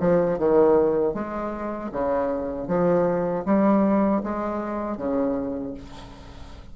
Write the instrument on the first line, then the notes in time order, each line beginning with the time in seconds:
bassoon
0.00 F3
0.38 D#3
1.14 G#3
1.92 C#3
2.67 F3
3.45 G3
4.23 G#3
4.97 C#3